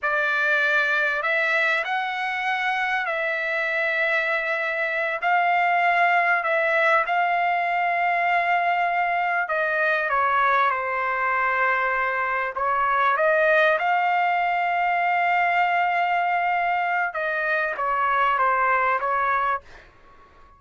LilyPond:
\new Staff \with { instrumentName = "trumpet" } { \time 4/4 \tempo 4 = 98 d''2 e''4 fis''4~ | fis''4 e''2.~ | e''8 f''2 e''4 f''8~ | f''2.~ f''8 dis''8~ |
dis''8 cis''4 c''2~ c''8~ | c''8 cis''4 dis''4 f''4.~ | f''1 | dis''4 cis''4 c''4 cis''4 | }